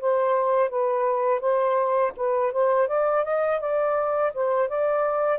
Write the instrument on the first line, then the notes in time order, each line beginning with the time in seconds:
saxophone
0.00 C5
0.69 B4
1.40 C5
2.16 B4
2.52 C5
2.88 D5
3.24 D#5
3.60 D5
4.34 C5
4.68 D5